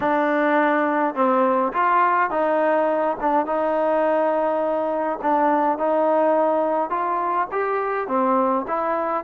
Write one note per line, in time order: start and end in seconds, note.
0.00 1.14 D4
1.14 1.72 C4
1.72 2.30 F4
2.30 3.17 D#4
3.20 3.46 D4
3.46 5.19 D#4
5.22 5.77 D4
5.77 6.89 D#4
6.89 7.47 F4
7.51 8.07 G4
8.07 8.65 C4
8.67 9.23 E4